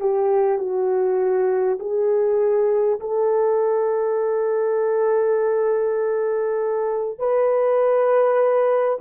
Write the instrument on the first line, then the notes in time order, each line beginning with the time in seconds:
horn
0.00 G4
0.58 F#4
1.80 G#4
3.00 A4
7.19 B4